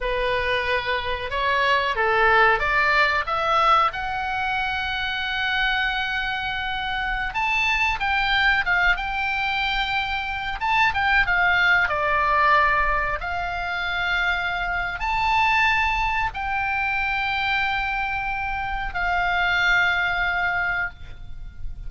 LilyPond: \new Staff \with { instrumentName = "oboe" } { \time 4/4 \tempo 4 = 92 b'2 cis''4 a'4 | d''4 e''4 fis''2~ | fis''2.~ fis''16 a''8.~ | a''16 g''4 f''8 g''2~ g''16~ |
g''16 a''8 g''8 f''4 d''4.~ d''16~ | d''16 f''2~ f''8. a''4~ | a''4 g''2.~ | g''4 f''2. | }